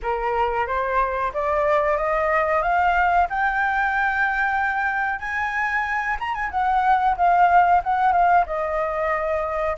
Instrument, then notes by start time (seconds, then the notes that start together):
flute
0.02 A#4
0.66 C5
1.33 D5
1.97 D#5
2.62 F5
3.29 G5
5.19 G#5
6.19 A#5
6.34 G#5
6.50 F#5
7.17 F5
7.83 F#5
8.12 F5
8.46 D#5